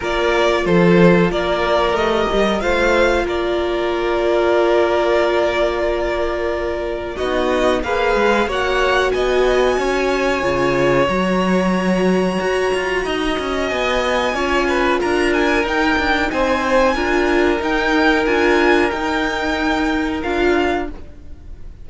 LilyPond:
<<
  \new Staff \with { instrumentName = "violin" } { \time 4/4 \tempo 4 = 92 d''4 c''4 d''4 dis''4 | f''4 d''2.~ | d''2. dis''4 | f''4 fis''4 gis''2~ |
gis''4 ais''2.~ | ais''4 gis''2 ais''8 gis''8 | g''4 gis''2 g''4 | gis''4 g''2 f''4 | }
  \new Staff \with { instrumentName = "violin" } { \time 4/4 ais'4 a'4 ais'2 | c''4 ais'2.~ | ais'2. fis'4 | b'4 cis''4 dis''4 cis''4~ |
cis''1 | dis''2 cis''8 b'8 ais'4~ | ais'4 c''4 ais'2~ | ais'1 | }
  \new Staff \with { instrumentName = "viola" } { \time 4/4 f'2. g'4 | f'1~ | f'2. dis'4 | gis'4 fis'2. |
f'4 fis'2.~ | fis'2 f'2 | dis'2 f'4 dis'4 | f'4 dis'2 f'4 | }
  \new Staff \with { instrumentName = "cello" } { \time 4/4 ais4 f4 ais4 a8 g8 | a4 ais2.~ | ais2. b4 | ais8 gis8 ais4 b4 cis'4 |
cis4 fis2 fis'8 f'8 | dis'8 cis'8 b4 cis'4 d'4 | dis'8 d'8 c'4 d'4 dis'4 | d'4 dis'2 d'4 | }
>>